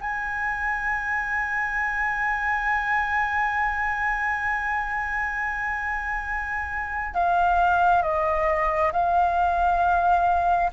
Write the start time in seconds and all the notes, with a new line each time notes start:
0.00 G#5
7.14 F5
8.02 D#5
8.92 F5